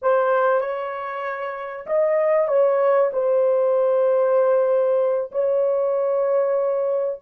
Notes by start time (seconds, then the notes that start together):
0.02 C5
0.61 C#5
1.86 D#5
2.48 C#5
3.12 C5
5.31 C#5